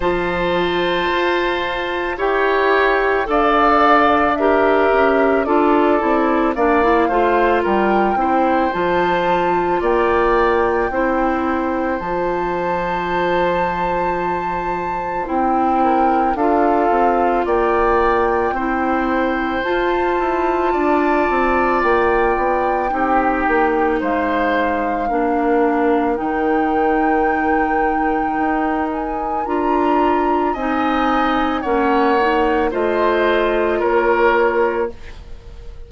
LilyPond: <<
  \new Staff \with { instrumentName = "flute" } { \time 4/4 \tempo 4 = 55 a''2 g''4 f''4 | e''4 d''4 f''4 g''4 | a''4 g''2 a''4~ | a''2 g''4 f''4 |
g''2 a''2 | g''2 f''2 | g''2~ g''8 gis''8 ais''4 | gis''4 fis''4 dis''4 cis''4 | }
  \new Staff \with { instrumentName = "oboe" } { \time 4/4 c''2 cis''4 d''4 | ais'4 a'4 d''8 c''8 ais'8 c''8~ | c''4 d''4 c''2~ | c''2~ c''8 ais'8 a'4 |
d''4 c''2 d''4~ | d''4 g'4 c''4 ais'4~ | ais'1 | dis''4 cis''4 c''4 ais'4 | }
  \new Staff \with { instrumentName = "clarinet" } { \time 4/4 f'2 g'4 a'4 | g'4 f'8 e'8 d'16 e'16 f'4 e'8 | f'2 e'4 f'4~ | f'2 e'4 f'4~ |
f'4 e'4 f'2~ | f'4 dis'2 d'4 | dis'2. f'4 | dis'4 cis'8 dis'8 f'2 | }
  \new Staff \with { instrumentName = "bassoon" } { \time 4/4 f4 f'4 e'4 d'4~ | d'8 cis'8 d'8 c'8 ais8 a8 g8 c'8 | f4 ais4 c'4 f4~ | f2 c'4 d'8 c'8 |
ais4 c'4 f'8 e'8 d'8 c'8 | ais8 b8 c'8 ais8 gis4 ais4 | dis2 dis'4 d'4 | c'4 ais4 a4 ais4 | }
>>